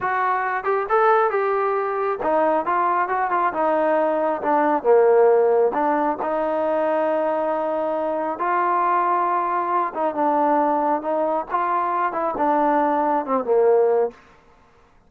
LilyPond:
\new Staff \with { instrumentName = "trombone" } { \time 4/4 \tempo 4 = 136 fis'4. g'8 a'4 g'4~ | g'4 dis'4 f'4 fis'8 f'8 | dis'2 d'4 ais4~ | ais4 d'4 dis'2~ |
dis'2. f'4~ | f'2~ f'8 dis'8 d'4~ | d'4 dis'4 f'4. e'8 | d'2 c'8 ais4. | }